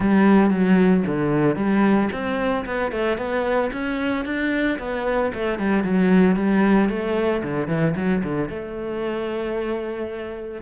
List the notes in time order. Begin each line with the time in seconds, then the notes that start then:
0.00 G3
0.50 F#3
1.06 D3
1.56 G3
2.12 C4
2.65 B3
2.91 A3
3.17 B3
3.72 C#4
4.25 D4
4.78 B3
5.34 A3
5.58 G3
5.83 F#3
6.36 G3
6.89 A3
7.43 D3
7.67 E3
7.96 F#3
8.23 D3
8.49 A3